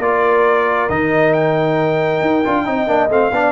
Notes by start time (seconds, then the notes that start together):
0.00 A#3 F4 A#4 D5
0.90 D#3 D#4 D#5
1.34 G5
2.21 D#4
2.45 D4 F4
2.66 C4 D#4 D#5
2.87 A#3 D4
3.09 A3 C4 F5
3.32 B3 D4 D5